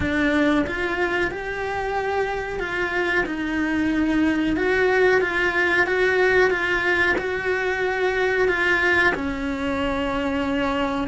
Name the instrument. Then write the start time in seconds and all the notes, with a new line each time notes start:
cello
0.00 D4
0.66 F4
1.31 G4
2.59 F4
3.26 D#4
4.56 F#4
5.21 F4
5.86 F#4
6.50 F4
7.17 F#4
8.48 F4
9.15 C#4